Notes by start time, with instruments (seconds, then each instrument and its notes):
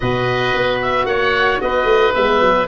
0.00 tuba B2, horn F#4, oboe B4 D#5
0.54 tuba B3
0.81 oboe E5
1.05 tuba A#3, oboe C#5 F#5
1.61 tuba B3, oboe B4 D#5
1.84 tuba A3
2.14 tuba G#3, horn B3, oboe E5
2.40 tuba F#3